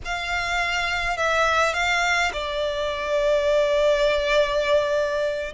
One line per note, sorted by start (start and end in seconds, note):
0.04 1.17 F5
1.17 1.73 E5
1.73 2.31 F5
2.32 5.53 D5